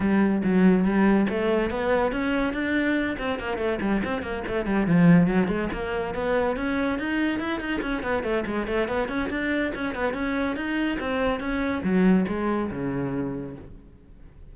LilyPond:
\new Staff \with { instrumentName = "cello" } { \time 4/4 \tempo 4 = 142 g4 fis4 g4 a4 | b4 cis'4 d'4. c'8 | ais8 a8 g8 c'8 ais8 a8 g8 f8~ | f8 fis8 gis8 ais4 b4 cis'8~ |
cis'8 dis'4 e'8 dis'8 cis'8 b8 a8 | gis8 a8 b8 cis'8 d'4 cis'8 b8 | cis'4 dis'4 c'4 cis'4 | fis4 gis4 cis2 | }